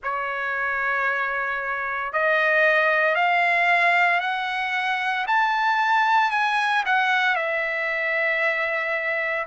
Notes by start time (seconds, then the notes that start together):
0.03 C#5
2.12 D#5
3.15 F5
4.20 F#5
5.27 A5
6.31 G#5
6.85 F#5
7.35 E5